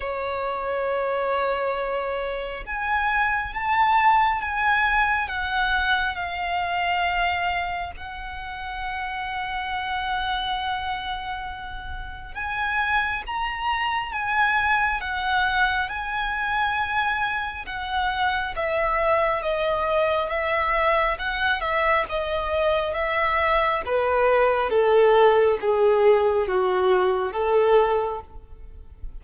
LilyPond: \new Staff \with { instrumentName = "violin" } { \time 4/4 \tempo 4 = 68 cis''2. gis''4 | a''4 gis''4 fis''4 f''4~ | f''4 fis''2.~ | fis''2 gis''4 ais''4 |
gis''4 fis''4 gis''2 | fis''4 e''4 dis''4 e''4 | fis''8 e''8 dis''4 e''4 b'4 | a'4 gis'4 fis'4 a'4 | }